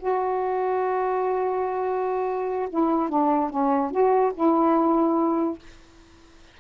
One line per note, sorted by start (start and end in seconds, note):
0.00 2.69 F#4
2.70 3.10 E4
3.10 3.50 D4
3.50 3.91 C#4
3.91 4.33 F#4
4.35 5.59 E4